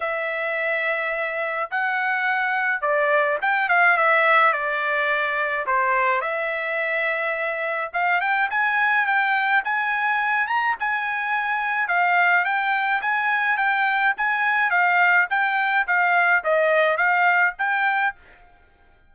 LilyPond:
\new Staff \with { instrumentName = "trumpet" } { \time 4/4 \tempo 4 = 106 e''2. fis''4~ | fis''4 d''4 g''8 f''8 e''4 | d''2 c''4 e''4~ | e''2 f''8 g''8 gis''4 |
g''4 gis''4. ais''8 gis''4~ | gis''4 f''4 g''4 gis''4 | g''4 gis''4 f''4 g''4 | f''4 dis''4 f''4 g''4 | }